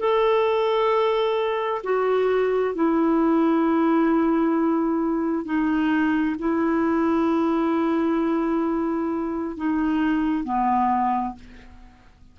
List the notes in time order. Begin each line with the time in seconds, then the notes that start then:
0.00 A4
1.84 F#4
2.75 E4
5.45 D#4
6.39 E4
9.57 D#4
10.44 B3